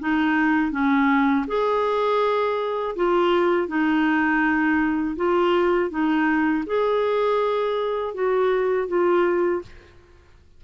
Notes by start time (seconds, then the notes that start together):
0.00 D#4
0.71 C#4
1.47 G#4
2.96 F4
3.68 D#4
5.16 F4
5.91 D#4
6.66 G#4
8.14 F#4
8.88 F4